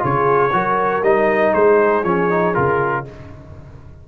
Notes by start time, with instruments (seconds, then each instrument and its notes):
0.00 tuba C#3, trombone F4, horn G#4, trumpet C#5
0.53 tuba F#3, trombone F#4, horn A#4
1.03 tuba G3, trombone D#4, trumpet D#5
1.54 tuba G#3, horn G#4, trumpet C5
2.04 tuba F3, trombone C#4, trumpet C#5
2.30 trombone D#4
2.55 tuba C#3, trombone F4, trumpet A#4